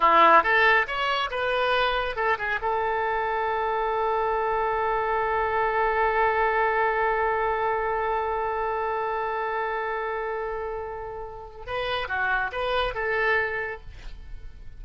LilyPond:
\new Staff \with { instrumentName = "oboe" } { \time 4/4 \tempo 4 = 139 e'4 a'4 cis''4 b'4~ | b'4 a'8 gis'8 a'2~ | a'1~ | a'1~ |
a'1~ | a'1~ | a'2. b'4 | fis'4 b'4 a'2 | }